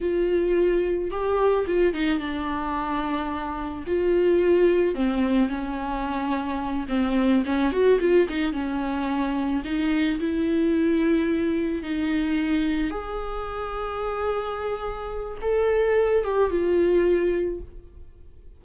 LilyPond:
\new Staff \with { instrumentName = "viola" } { \time 4/4 \tempo 4 = 109 f'2 g'4 f'8 dis'8 | d'2. f'4~ | f'4 c'4 cis'2~ | cis'8 c'4 cis'8 fis'8 f'8 dis'8 cis'8~ |
cis'4. dis'4 e'4.~ | e'4. dis'2 gis'8~ | gis'1 | a'4. g'8 f'2 | }